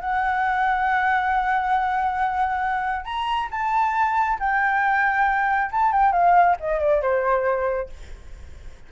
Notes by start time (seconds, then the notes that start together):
0.00 F#5
3.05 A#5
3.51 A5
4.39 G5
5.71 A5
5.92 G5
6.12 F5
6.60 D#5
6.80 D5
7.02 C5